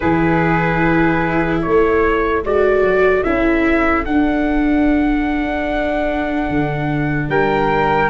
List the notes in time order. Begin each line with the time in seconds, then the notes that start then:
0.00 E3 E4 G#4 B4
1.61 A3 A4 C#5
2.43 G#3 F#4 D5
2.82 F#3
3.23 C#4 E4 E5
4.05 D4 F#5
6.49 D3
7.28 G3 A#4 G5